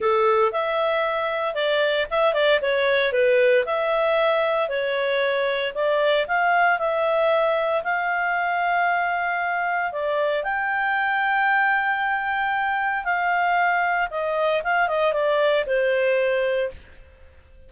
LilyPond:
\new Staff \with { instrumentName = "clarinet" } { \time 4/4 \tempo 4 = 115 a'4 e''2 d''4 | e''8 d''8 cis''4 b'4 e''4~ | e''4 cis''2 d''4 | f''4 e''2 f''4~ |
f''2. d''4 | g''1~ | g''4 f''2 dis''4 | f''8 dis''8 d''4 c''2 | }